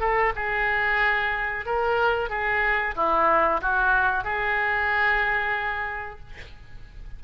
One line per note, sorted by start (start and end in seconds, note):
0.00 0.33 A4
0.36 1.66 G#4
1.66 2.29 A#4
2.29 2.95 G#4
2.96 3.61 E4
3.61 4.24 F#4
4.24 6.20 G#4